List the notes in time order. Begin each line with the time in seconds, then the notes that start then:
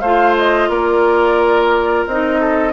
0.00 A3 F4 C5 F5
0.38 D#5
0.69 A#3 A#4 D5
2.07 C4 D#4 D#5
2.40 A4